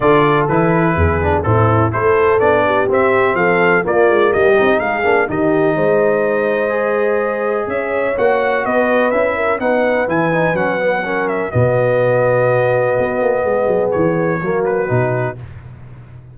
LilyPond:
<<
  \new Staff \with { instrumentName = "trumpet" } { \time 4/4 \tempo 4 = 125 d''4 b'2 a'4 | c''4 d''4 e''4 f''4 | d''4 dis''4 f''4 dis''4~ | dis''1 |
e''4 fis''4 dis''4 e''4 | fis''4 gis''4 fis''4. e''8 | dis''1~ | dis''4 cis''4. b'4. | }
  \new Staff \with { instrumentName = "horn" } { \time 4/4 a'2 gis'4 e'4 | a'4. g'4. a'4 | f'4 g'4 gis'4 g'4 | c''1 |
cis''2 b'4. ais'8 | b'2. ais'4 | fis'1 | gis'2 fis'2 | }
  \new Staff \with { instrumentName = "trombone" } { \time 4/4 f'4 e'4. d'8 c'4 | e'4 d'4 c'2 | ais4. dis'4 d'8 dis'4~ | dis'2 gis'2~ |
gis'4 fis'2 e'4 | dis'4 e'8 dis'8 cis'8 b8 cis'4 | b1~ | b2 ais4 dis'4 | }
  \new Staff \with { instrumentName = "tuba" } { \time 4/4 d4 e4 e,4 a,4 | a4 b4 c'4 f4 | ais8 gis8 g8 c'8 gis8 ais8 dis4 | gis1 |
cis'4 ais4 b4 cis'4 | b4 e4 fis2 | b,2. b8 ais8 | gis8 fis8 e4 fis4 b,4 | }
>>